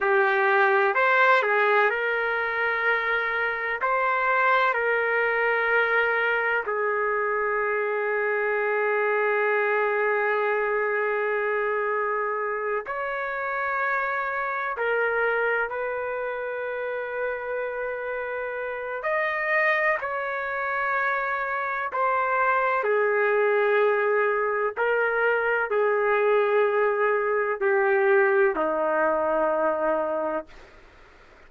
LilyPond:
\new Staff \with { instrumentName = "trumpet" } { \time 4/4 \tempo 4 = 63 g'4 c''8 gis'8 ais'2 | c''4 ais'2 gis'4~ | gis'1~ | gis'4. cis''2 ais'8~ |
ais'8 b'2.~ b'8 | dis''4 cis''2 c''4 | gis'2 ais'4 gis'4~ | gis'4 g'4 dis'2 | }